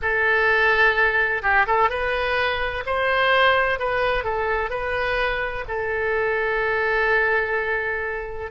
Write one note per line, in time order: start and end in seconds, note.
0.02 1.42 A4
1.42 1.66 G4
1.66 1.89 A4
1.89 2.84 B4
2.86 3.79 C5
3.79 4.24 B4
4.24 4.70 A4
4.70 5.64 B4
5.68 8.51 A4